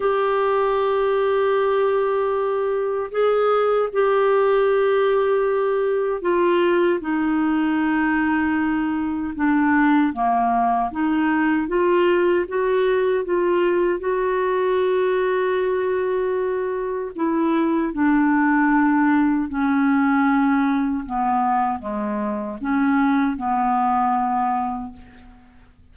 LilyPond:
\new Staff \with { instrumentName = "clarinet" } { \time 4/4 \tempo 4 = 77 g'1 | gis'4 g'2. | f'4 dis'2. | d'4 ais4 dis'4 f'4 |
fis'4 f'4 fis'2~ | fis'2 e'4 d'4~ | d'4 cis'2 b4 | gis4 cis'4 b2 | }